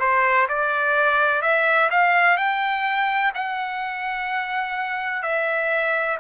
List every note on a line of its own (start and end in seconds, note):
0.00 0.48 C5
0.49 1.42 D5
1.42 1.89 E5
1.90 2.37 F5
2.37 3.32 G5
3.35 5.23 F#5
5.23 6.18 E5